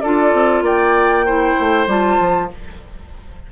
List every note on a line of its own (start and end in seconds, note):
0.00 0.33 D4
0.00 1.26 F4
0.00 0.64 A4
0.00 0.62 D5
0.33 0.61 C4
0.61 1.54 A#3
0.61 1.25 D5
0.61 1.89 G5
1.25 1.87 E4
1.25 2.49 C5
1.59 1.86 A3
1.86 2.17 G3
1.86 2.49 F4
1.86 2.51 A5
2.19 2.50 F3